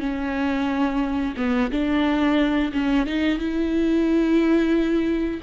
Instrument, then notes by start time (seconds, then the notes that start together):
viola
0.00 C#4
1.37 B3
1.71 D4
2.73 C#4
3.07 D#4
3.39 E4